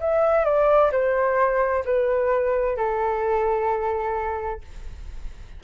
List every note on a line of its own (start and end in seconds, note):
0.00 0.44 E5
0.44 0.91 D5
0.92 1.84 C5
1.85 2.77 B4
2.77 4.61 A4